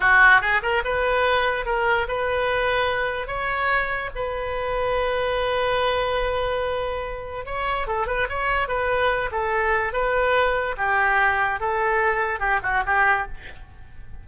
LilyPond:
\new Staff \with { instrumentName = "oboe" } { \time 4/4 \tempo 4 = 145 fis'4 gis'8 ais'8 b'2 | ais'4 b'2. | cis''2 b'2~ | b'1~ |
b'2 cis''4 a'8 b'8 | cis''4 b'4. a'4. | b'2 g'2 | a'2 g'8 fis'8 g'4 | }